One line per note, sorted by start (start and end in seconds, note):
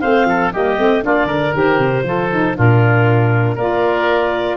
0.00 0.25 A3
0.00 0.52 C4
0.00 0.26 C5
0.00 0.51 F5
0.25 0.50 F3
0.25 0.53 A4
0.53 0.78 G3
0.53 0.79 A#3
0.53 1.04 G4
0.53 1.04 D#5
0.78 1.04 A3
0.78 1.02 C4
1.02 1.25 A#3
1.02 1.53 D4
1.02 1.27 F4
1.02 1.55 D5
1.25 1.50 D3
1.25 2.03 A#4
1.53 1.78 D#3
1.53 2.04 G4
1.53 2.58 C5
1.78 2.03 C3
2.03 2.54 F3
2.03 2.29 F4
2.03 2.57 A4
2.30 2.55 D#4
2.55 3.57 A#2
2.55 3.57 D4
2.55 3.55 F4
2.55 3.57 A#4
3.55 4.57 A#3
3.55 4.57 F4
3.55 4.57 A#4
3.55 4.57 D5